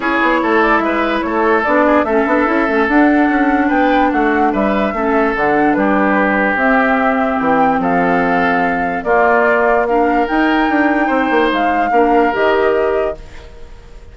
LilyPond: <<
  \new Staff \with { instrumentName = "flute" } { \time 4/4 \tempo 4 = 146 cis''4. d''8 e''4 cis''4 | d''4 e''2 fis''4~ | fis''4 g''4 fis''4 e''4~ | e''4 fis''4 b'2 |
e''2 g''4 f''4~ | f''2 d''2 | f''4 g''2. | f''2 dis''2 | }
  \new Staff \with { instrumentName = "oboe" } { \time 4/4 gis'4 a'4 b'4 a'4~ | a'8 gis'8 a'2.~ | a'4 b'4 fis'4 b'4 | a'2 g'2~ |
g'2. a'4~ | a'2 f'2 | ais'2. c''4~ | c''4 ais'2. | }
  \new Staff \with { instrumentName = "clarinet" } { \time 4/4 e'1 | d'4 cis'8 d'8 e'8 cis'8 d'4~ | d'1 | cis'4 d'2. |
c'1~ | c'2 ais2 | d'4 dis'2.~ | dis'4 d'4 g'2 | }
  \new Staff \with { instrumentName = "bassoon" } { \time 4/4 cis'8 b8 a4 gis4 a4 | b4 a8 b8 cis'8 a8 d'4 | cis'4 b4 a4 g4 | a4 d4 g2 |
c'2 e4 f4~ | f2 ais2~ | ais4 dis'4 d'4 c'8 ais8 | gis4 ais4 dis2 | }
>>